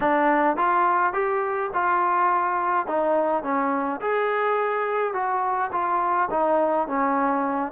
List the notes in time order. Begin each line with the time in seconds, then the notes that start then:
0.00 D4
0.56 F4
1.13 G4
1.73 F4
2.86 D#4
3.43 C#4
4.00 G#4
5.13 F#4
5.72 F4
6.30 D#4
6.87 C#4